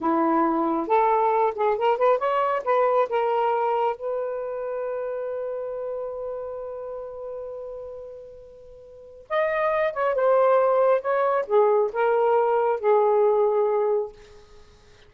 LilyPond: \new Staff \with { instrumentName = "saxophone" } { \time 4/4 \tempo 4 = 136 e'2 a'4. gis'8 | ais'8 b'8 cis''4 b'4 ais'4~ | ais'4 b'2.~ | b'1~ |
b'1~ | b'4 dis''4. cis''8 c''4~ | c''4 cis''4 gis'4 ais'4~ | ais'4 gis'2. | }